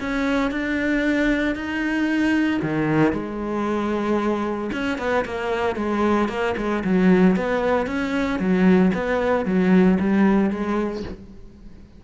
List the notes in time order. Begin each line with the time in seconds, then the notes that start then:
0.00 C#4
0.51 D4
1.55 D#4
2.62 D#3
3.12 G#3
4.72 C#4
4.98 B3
5.25 A#3
5.76 G#3
6.28 A#3
6.57 G#3
6.84 F#3
7.36 B3
7.86 C#4
8.39 F#3
8.94 B3
9.45 F#3
9.99 G3
10.50 G#3